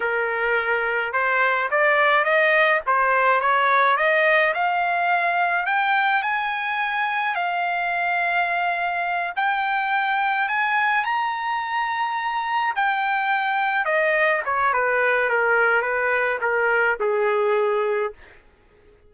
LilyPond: \new Staff \with { instrumentName = "trumpet" } { \time 4/4 \tempo 4 = 106 ais'2 c''4 d''4 | dis''4 c''4 cis''4 dis''4 | f''2 g''4 gis''4~ | gis''4 f''2.~ |
f''8 g''2 gis''4 ais''8~ | ais''2~ ais''8 g''4.~ | g''8 dis''4 cis''8 b'4 ais'4 | b'4 ais'4 gis'2 | }